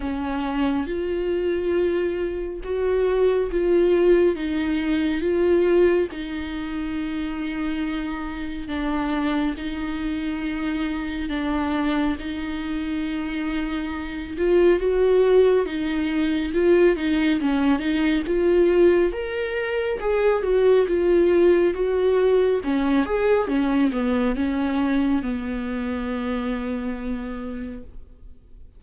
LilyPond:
\new Staff \with { instrumentName = "viola" } { \time 4/4 \tempo 4 = 69 cis'4 f'2 fis'4 | f'4 dis'4 f'4 dis'4~ | dis'2 d'4 dis'4~ | dis'4 d'4 dis'2~ |
dis'8 f'8 fis'4 dis'4 f'8 dis'8 | cis'8 dis'8 f'4 ais'4 gis'8 fis'8 | f'4 fis'4 cis'8 gis'8 cis'8 b8 | cis'4 b2. | }